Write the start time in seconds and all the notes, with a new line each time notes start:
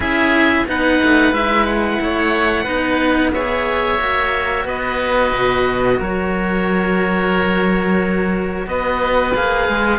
0.00 C#4 E4 G#4 E5
0.66 B3 D#4 B4 F#5
1.02 A3
1.32 G#3 E4 E5
1.66 F#5
2.00 A3 C#5
2.63 B3 D#4 B4
3.33 G#4 C#5 E5
3.98 A#3 F#4
4.64 B3 B4 D#5
5.32 B2
5.99 F#3 A#4 C#5
8.67 B3 B4 D#5
9.34 A#3 G#4 F5
9.68 G#3